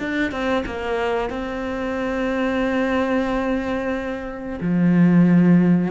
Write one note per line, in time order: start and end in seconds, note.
0.00 0.32 D4
0.32 0.65 C4
0.66 1.30 A#3
1.30 4.60 C4
4.61 5.92 F3